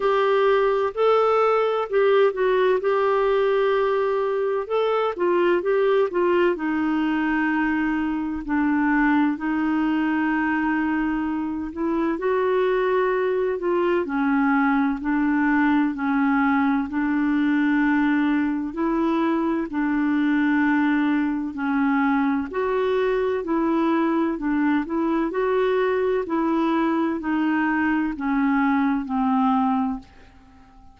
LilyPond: \new Staff \with { instrumentName = "clarinet" } { \time 4/4 \tempo 4 = 64 g'4 a'4 g'8 fis'8 g'4~ | g'4 a'8 f'8 g'8 f'8 dis'4~ | dis'4 d'4 dis'2~ | dis'8 e'8 fis'4. f'8 cis'4 |
d'4 cis'4 d'2 | e'4 d'2 cis'4 | fis'4 e'4 d'8 e'8 fis'4 | e'4 dis'4 cis'4 c'4 | }